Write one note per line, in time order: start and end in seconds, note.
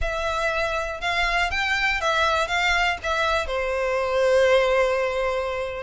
0.01 1.00 E5
1.00 1.50 F5
1.50 2.00 G5
2.00 2.47 E5
2.47 2.97 F5
3.02 3.47 E5
3.47 5.83 C5